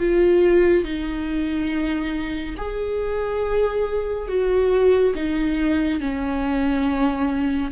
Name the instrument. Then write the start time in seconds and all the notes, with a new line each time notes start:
viola
0.00 F4
0.85 D#4
2.58 G#4
4.29 F#4
5.15 D#4
6.00 C#4